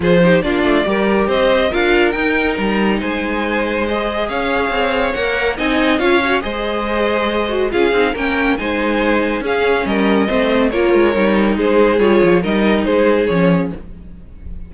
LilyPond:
<<
  \new Staff \with { instrumentName = "violin" } { \time 4/4 \tempo 4 = 140 c''4 d''2 dis''4 | f''4 g''4 ais''4 gis''4~ | gis''4 dis''4 f''2 | fis''4 gis''4 f''4 dis''4~ |
dis''2 f''4 g''4 | gis''2 f''4 dis''4~ | dis''4 cis''2 c''4 | cis''4 dis''4 c''4 cis''4 | }
  \new Staff \with { instrumentName = "violin" } { \time 4/4 gis'8 g'8 f'4 ais'4 c''4 | ais'2. c''4~ | c''2 cis''2~ | cis''4 dis''4 cis''4 c''4~ |
c''2 gis'4 ais'4 | c''2 gis'4 ais'4 | c''4 ais'2 gis'4~ | gis'4 ais'4 gis'2 | }
  \new Staff \with { instrumentName = "viola" } { \time 4/4 f'8 dis'8 d'4 g'2 | f'4 dis'2.~ | dis'4 gis'2. | ais'4 dis'4 f'8 fis'8 gis'4~ |
gis'4. fis'8 f'8 dis'8 cis'4 | dis'2 cis'2 | c'4 f'4 dis'2 | f'4 dis'2 cis'4 | }
  \new Staff \with { instrumentName = "cello" } { \time 4/4 f4 ais8 a8 g4 c'4 | d'4 dis'4 g4 gis4~ | gis2 cis'4 c'4 | ais4 c'4 cis'4 gis4~ |
gis2 cis'8 c'8 ais4 | gis2 cis'4 g4 | a4 ais8 gis8 g4 gis4 | g8 f8 g4 gis4 f4 | }
>>